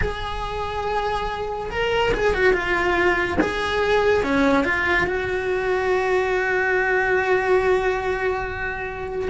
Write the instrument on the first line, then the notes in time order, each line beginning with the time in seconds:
cello
0.01 G#4
1.70 A#4
2.13 G#4
2.34 F#4
2.53 F4
3.40 G#4
4.23 C#4
4.64 F4
5.06 F#4